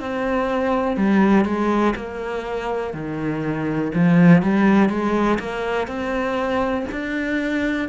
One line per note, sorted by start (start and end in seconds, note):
0.00 0.97 C4
0.97 1.45 G3
1.45 1.94 G#3
1.96 2.94 A#3
2.94 3.92 D#3
3.95 4.43 F3
4.43 4.89 G3
4.89 5.38 G#3
5.39 5.87 A#3
5.87 6.86 C4
6.91 7.89 D4